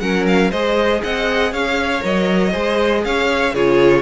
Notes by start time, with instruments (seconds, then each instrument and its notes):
0.00 cello F#3, viola C#4, violin A#4 F#5
0.27 violin F5
0.51 cello G#3, viola G#4, violin C5 D#5
1.04 cello C4, violin D#5 F#5
1.53 cello C#4, violin C#5 F5
2.01 cello F#3, viola A#4, violin D#5
2.52 cello G#3, viola G#4, violin C5
3.04 cello C#4, violin C#5 F5
3.54 cello C#3, viola F4, violin G#4 C#5